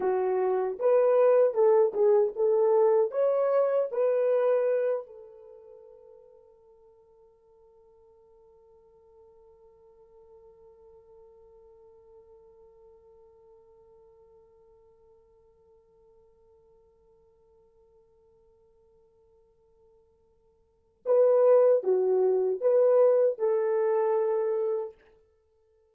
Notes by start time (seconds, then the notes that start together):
0.00 F#4
0.79 B4
1.53 A4
1.93 G#4
2.36 A4
3.11 C#5
3.91 B4
5.06 A4
21.05 B4
21.83 F#4
22.60 B4
23.38 A4